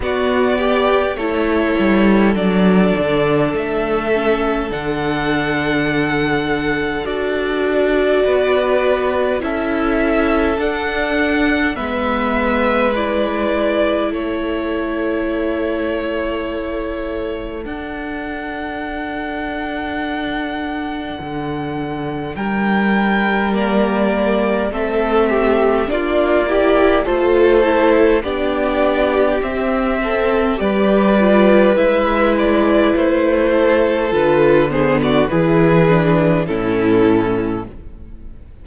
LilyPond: <<
  \new Staff \with { instrumentName = "violin" } { \time 4/4 \tempo 4 = 51 d''4 cis''4 d''4 e''4 | fis''2 d''2 | e''4 fis''4 e''4 d''4 | cis''2. fis''4~ |
fis''2. g''4 | d''4 e''4 d''4 c''4 | d''4 e''4 d''4 e''8 d''8 | c''4 b'8 c''16 d''16 b'4 a'4 | }
  \new Staff \with { instrumentName = "violin" } { \time 4/4 fis'8 g'8 a'2.~ | a'2. b'4 | a'2 b'2 | a'1~ |
a'2. ais'4~ | ais'4 a'8 g'8 f'8 g'8 a'4 | g'4. a'8 b'2~ | b'8 a'4 gis'16 fis'16 gis'4 e'4 | }
  \new Staff \with { instrumentName = "viola" } { \time 4/4 b4 e'4 d'4. cis'8 | d'2 fis'2 | e'4 d'4 b4 e'4~ | e'2. d'4~ |
d'1 | ais4 c'4 d'8 e'8 f'8 e'8 | d'4 c'4 g'8 f'8 e'4~ | e'4 f'8 b8 e'8 d'8 cis'4 | }
  \new Staff \with { instrumentName = "cello" } { \time 4/4 b4 a8 g8 fis8 d8 a4 | d2 d'4 b4 | cis'4 d'4 gis2 | a2. d'4~ |
d'2 d4 g4~ | g4 a4 ais4 a4 | b4 c'4 g4 gis4 | a4 d4 e4 a,4 | }
>>